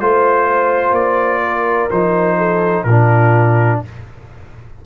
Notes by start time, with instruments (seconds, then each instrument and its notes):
0.00 tuba A3, trombone F4, trumpet C5, horn C5
0.92 tuba A#3, trumpet D5
1.44 horn A#4
1.91 tuba F3, trombone D#4, trumpet C5
2.38 horn A4
2.84 tuba A#2, horn F4, trumpet A#4
2.90 trombone D4